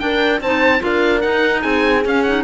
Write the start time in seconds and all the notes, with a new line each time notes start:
0.00 D4 A#4 G5
0.41 C4 D#4 C5 A5
0.80 D4 F4 A#4 F5
1.21 D#4 F#5
1.62 C4 G#4 G#5
2.05 C#4 F5
2.23 D#4 F#5